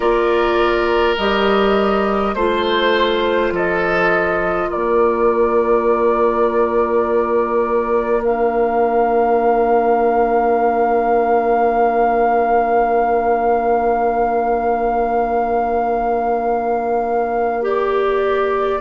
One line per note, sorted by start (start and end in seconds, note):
0.00 1.16 A#3
0.00 1.16 F4
0.00 2.35 A#4
0.00 1.16 D5
1.17 2.34 G3
1.17 2.37 G4
1.17 2.34 D#5
2.34 3.51 A3
2.34 8.21 F4
2.34 3.51 C5
2.34 3.53 C5
3.51 4.69 F3
3.51 4.69 A4
3.51 4.69 D#5
4.69 18.81 A#3
4.69 18.80 A#4
4.69 8.22 D5
8.21 17.62 D4
8.21 17.64 F5
17.62 18.79 G4
17.62 18.81 D5